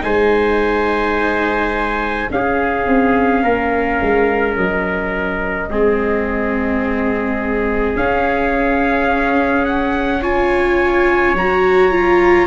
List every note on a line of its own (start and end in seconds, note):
0.00 2.30 G#3
0.00 2.26 D#4
0.00 2.31 C5
0.00 2.29 G#5
2.30 2.87 C#4
2.30 5.70 C#4
2.30 3.43 G#4
2.30 4.57 F5
2.87 3.43 C4
3.43 4.00 A#3
3.43 5.70 A#4
4.02 4.57 G#3
4.57 5.69 F#3
4.57 7.96 D#5
5.69 7.95 G#3
5.69 7.96 C4
5.69 10.21 G#4
7.96 11.34 C#4
7.96 10.22 C#4
7.96 9.65 F5
9.65 10.22 F#5
10.21 11.35 F4
10.21 12.47 C#5
10.21 11.36 G#5
11.34 12.47 F#3
11.34 11.92 F#4
11.34 12.47 A#5
11.92 12.47 F4